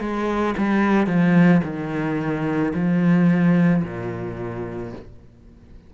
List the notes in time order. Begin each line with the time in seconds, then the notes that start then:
0.00 G#3
0.58 G3
1.07 F3
1.64 D#3
2.74 F3
3.84 A#2